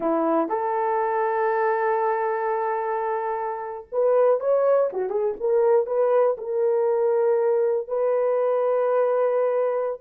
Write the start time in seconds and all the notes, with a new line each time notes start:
0.00 E4
0.48 A4
3.92 B4
4.40 C#5
4.92 F#4
5.09 G#4
5.40 A#4
5.86 B4
6.38 A#4
7.87 B4